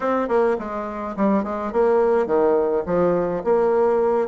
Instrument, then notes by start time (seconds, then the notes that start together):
bassoon
0.00 C4
0.28 A#3
0.58 G#3
1.16 G3
1.43 G#3
1.72 A#3
2.26 D#3
2.86 F3
3.44 A#3